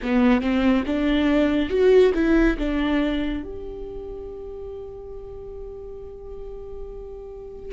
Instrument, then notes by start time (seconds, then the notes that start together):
viola
0.02 B3
0.41 C4
0.86 D4
1.69 F#4
2.14 E4
2.58 D4
3.43 G4